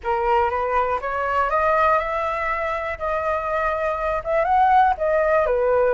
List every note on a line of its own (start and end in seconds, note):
0.03 0.50 A#4
0.50 0.99 B4
1.01 1.50 C#5
1.50 1.98 D#5
1.98 2.98 E5
2.98 4.22 D#5
4.24 4.44 E5
4.44 4.93 F#5
4.97 5.45 D#5
5.45 5.93 B4